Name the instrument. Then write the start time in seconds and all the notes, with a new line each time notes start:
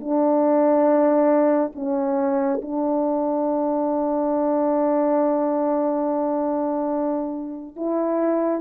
horn
0.00 D4
1.75 C#4
2.62 D4
7.76 E4